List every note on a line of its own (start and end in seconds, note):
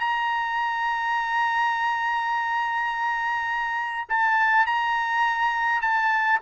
0.00 4.08 A#5
4.09 4.66 A5
4.66 5.82 A#5
5.82 6.40 A5